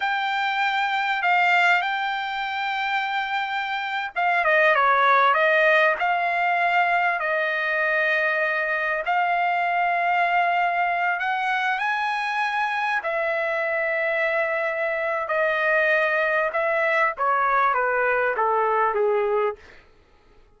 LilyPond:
\new Staff \with { instrumentName = "trumpet" } { \time 4/4 \tempo 4 = 98 g''2 f''4 g''4~ | g''2~ g''8. f''8 dis''8 cis''16~ | cis''8. dis''4 f''2 dis''16~ | dis''2~ dis''8. f''4~ f''16~ |
f''2~ f''16 fis''4 gis''8.~ | gis''4~ gis''16 e''2~ e''8.~ | e''4 dis''2 e''4 | cis''4 b'4 a'4 gis'4 | }